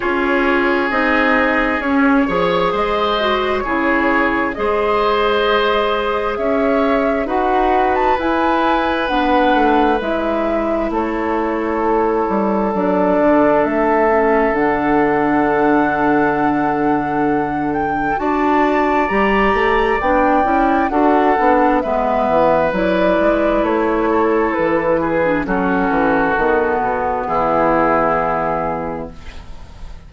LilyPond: <<
  \new Staff \with { instrumentName = "flute" } { \time 4/4 \tempo 4 = 66 cis''4 dis''4 cis''4 dis''4 | cis''4 dis''2 e''4 | fis''8. a''16 gis''4 fis''4 e''4 | cis''2 d''4 e''4 |
fis''2.~ fis''8 g''8 | a''4 ais''4 g''4 fis''4 | e''4 d''4 cis''4 b'4 | a'2 gis'2 | }
  \new Staff \with { instrumentName = "oboe" } { \time 4/4 gis'2~ gis'8 cis''8 c''4 | gis'4 c''2 cis''4 | b'1 | a'1~ |
a'1 | d''2. a'4 | b'2~ b'8 a'4 gis'8 | fis'2 e'2 | }
  \new Staff \with { instrumentName = "clarinet" } { \time 4/4 f'4 dis'4 cis'8 gis'4 fis'8 | e'4 gis'2. | fis'4 e'4 d'4 e'4~ | e'2 d'4. cis'8 |
d'1 | fis'4 g'4 d'8 e'8 fis'8 d'8 | b4 e'2~ e'8. d'16 | cis'4 b2. | }
  \new Staff \with { instrumentName = "bassoon" } { \time 4/4 cis'4 c'4 cis'8 f8 gis4 | cis4 gis2 cis'4 | dis'4 e'4 b8 a8 gis4 | a4. g8 fis8 d8 a4 |
d1 | d'4 g8 a8 b8 cis'8 d'8 b8 | gis8 e8 fis8 gis8 a4 e4 | fis8 e8 dis8 b,8 e2 | }
>>